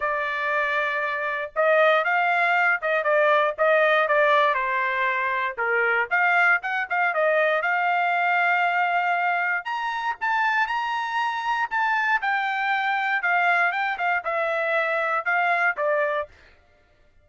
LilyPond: \new Staff \with { instrumentName = "trumpet" } { \time 4/4 \tempo 4 = 118 d''2. dis''4 | f''4. dis''8 d''4 dis''4 | d''4 c''2 ais'4 | f''4 fis''8 f''8 dis''4 f''4~ |
f''2. ais''4 | a''4 ais''2 a''4 | g''2 f''4 g''8 f''8 | e''2 f''4 d''4 | }